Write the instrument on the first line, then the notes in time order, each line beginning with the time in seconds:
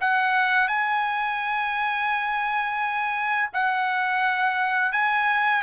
trumpet
0.00 F#5
0.67 G#5
3.53 F#5
4.92 G#5